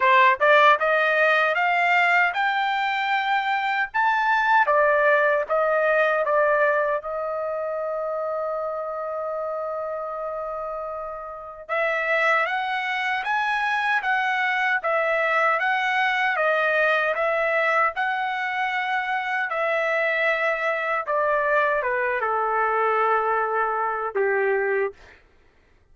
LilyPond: \new Staff \with { instrumentName = "trumpet" } { \time 4/4 \tempo 4 = 77 c''8 d''8 dis''4 f''4 g''4~ | g''4 a''4 d''4 dis''4 | d''4 dis''2.~ | dis''2. e''4 |
fis''4 gis''4 fis''4 e''4 | fis''4 dis''4 e''4 fis''4~ | fis''4 e''2 d''4 | b'8 a'2~ a'8 g'4 | }